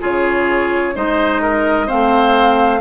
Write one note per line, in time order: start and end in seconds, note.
0.00 0.96 C#3
0.00 0.94 F4
0.00 0.94 G#4
0.00 0.96 C#5
0.94 1.89 G#3
0.94 1.87 D#4
0.94 1.42 C5
0.94 1.89 D#5
1.42 1.86 A#4
1.86 2.80 A3
1.86 2.80 C4
1.86 2.80 C5
1.86 2.80 F5